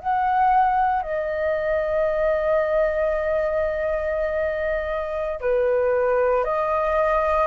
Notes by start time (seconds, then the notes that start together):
0.00 F#5
1.03 D#5
5.41 B4
6.45 D#5